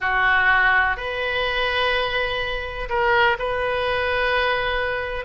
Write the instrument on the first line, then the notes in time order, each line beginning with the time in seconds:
oboe
0.00 F#4
0.96 B4
2.89 A#4
3.38 B4